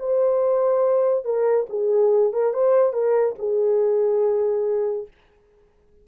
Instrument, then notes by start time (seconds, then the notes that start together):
horn
0.00 C5
1.25 A#4
1.70 G#4
2.34 A#4
2.54 C5
2.93 A#4
3.39 G#4